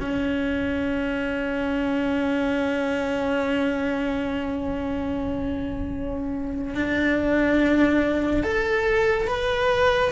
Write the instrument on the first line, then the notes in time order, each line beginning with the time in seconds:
cello
0.00 C#4
6.75 D4
8.44 A4
9.28 B4